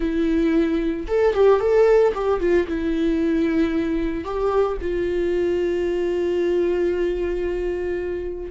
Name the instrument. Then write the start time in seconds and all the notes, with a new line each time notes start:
viola
0.00 E4
1.07 A4
1.34 G4
1.59 A4
2.14 G4
2.40 F4
2.67 E4
4.24 G4
4.81 F4